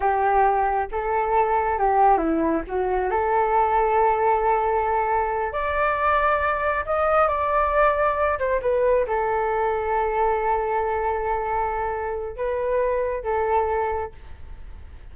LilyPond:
\new Staff \with { instrumentName = "flute" } { \time 4/4 \tempo 4 = 136 g'2 a'2 | g'4 e'4 fis'4 a'4~ | a'1~ | a'8 d''2. dis''8~ |
dis''8 d''2~ d''8 c''8 b'8~ | b'8 a'2.~ a'8~ | a'1 | b'2 a'2 | }